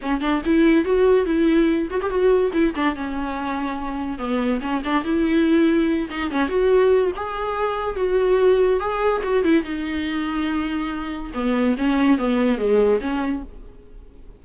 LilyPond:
\new Staff \with { instrumentName = "viola" } { \time 4/4 \tempo 4 = 143 cis'8 d'8 e'4 fis'4 e'4~ | e'8 fis'16 g'16 fis'4 e'8 d'8 cis'4~ | cis'2 b4 cis'8 d'8 | e'2~ e'8 dis'8 cis'8 fis'8~ |
fis'4 gis'2 fis'4~ | fis'4 gis'4 fis'8 e'8 dis'4~ | dis'2. b4 | cis'4 b4 gis4 cis'4 | }